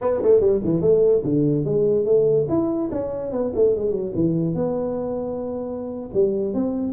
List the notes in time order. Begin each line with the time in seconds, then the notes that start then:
0.01 B3
0.22 A3
0.40 G3
0.64 E3
0.81 A3
1.24 D3
1.64 G#3
2.05 A3
2.48 E4
2.91 C#4
3.31 B3
3.55 A3
3.75 G#3
3.91 F#3
4.15 E3
4.54 B3
6.13 G3
6.54 C4